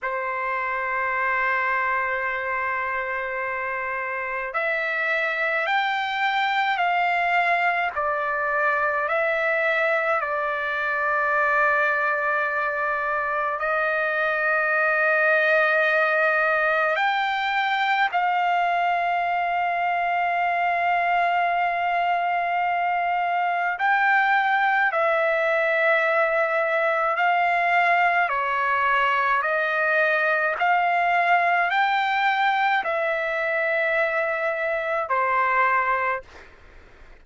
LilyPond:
\new Staff \with { instrumentName = "trumpet" } { \time 4/4 \tempo 4 = 53 c''1 | e''4 g''4 f''4 d''4 | e''4 d''2. | dis''2. g''4 |
f''1~ | f''4 g''4 e''2 | f''4 cis''4 dis''4 f''4 | g''4 e''2 c''4 | }